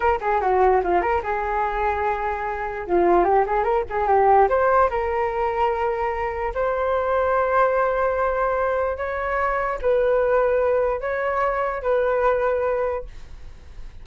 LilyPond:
\new Staff \with { instrumentName = "flute" } { \time 4/4 \tempo 4 = 147 ais'8 gis'8 fis'4 f'8 ais'8 gis'4~ | gis'2. f'4 | g'8 gis'8 ais'8 gis'8 g'4 c''4 | ais'1 |
c''1~ | c''2 cis''2 | b'2. cis''4~ | cis''4 b'2. | }